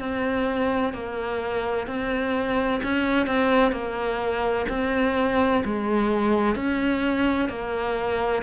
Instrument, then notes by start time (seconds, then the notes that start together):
cello
0.00 C4
0.94 A#3
1.87 C4
2.83 C#4
3.27 C4
3.72 A#3
4.70 C4
5.65 G#3
6.56 C#4
7.50 A#3